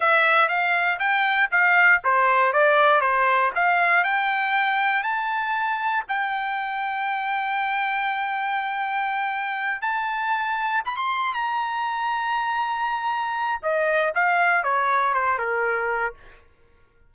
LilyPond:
\new Staff \with { instrumentName = "trumpet" } { \time 4/4 \tempo 4 = 119 e''4 f''4 g''4 f''4 | c''4 d''4 c''4 f''4 | g''2 a''2 | g''1~ |
g''2.~ g''8 a''8~ | a''4. b''16 c'''8. ais''4.~ | ais''2. dis''4 | f''4 cis''4 c''8 ais'4. | }